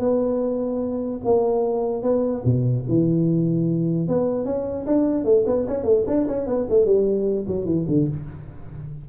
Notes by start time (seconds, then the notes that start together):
0.00 B3
1.25 A#3
2.03 B3
2.46 B2
2.88 E3
4.08 B3
4.46 C#4
4.87 D4
5.25 A3
5.47 B3
5.69 C#4
5.84 A3
6.08 D4
6.28 C#4
6.47 B3
6.70 A3
6.86 G3
7.48 F#3
7.65 E3
7.88 D3